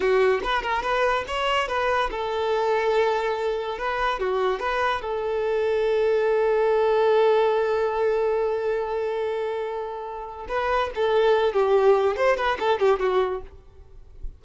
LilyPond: \new Staff \with { instrumentName = "violin" } { \time 4/4 \tempo 4 = 143 fis'4 b'8 ais'8 b'4 cis''4 | b'4 a'2.~ | a'4 b'4 fis'4 b'4 | a'1~ |
a'1~ | a'1~ | a'4 b'4 a'4. g'8~ | g'4 c''8 b'8 a'8 g'8 fis'4 | }